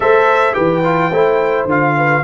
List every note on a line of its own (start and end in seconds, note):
0.00 0.56 A3
0.00 0.53 A4
0.00 0.54 C5
0.00 0.54 E5
0.53 1.12 E3
0.53 0.81 G4
0.53 1.10 B4
0.53 1.65 G5
0.83 1.11 F4
1.10 1.65 A3
1.10 1.68 E4
1.10 1.93 C5
1.65 2.20 D3
1.65 2.23 F4
1.65 2.23 F5
1.96 2.23 B4